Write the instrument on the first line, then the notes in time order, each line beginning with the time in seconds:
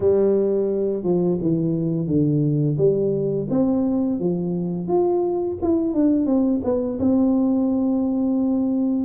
tuba
0.00 G3
1.03 F3
1.41 E3
2.06 D3
2.77 G3
3.49 C4
4.19 F3
4.87 F4
5.62 E4
5.93 D4
6.25 C4
6.64 B3
6.99 C4